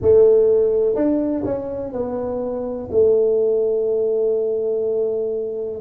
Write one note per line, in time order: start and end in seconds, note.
0.01 0.95 A3
0.95 1.43 D4
1.44 1.92 C#4
1.92 2.89 B3
2.91 5.81 A3